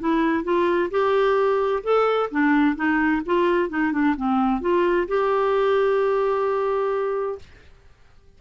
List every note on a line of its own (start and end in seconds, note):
0.00 0.44 E4
0.44 0.90 F4
0.91 1.83 G4
1.84 2.30 A4
2.31 2.76 D4
2.76 3.22 D#4
3.26 3.70 F4
3.70 3.93 D#4
3.93 4.16 D4
4.17 4.62 C4
4.62 5.08 F4
5.08 7.39 G4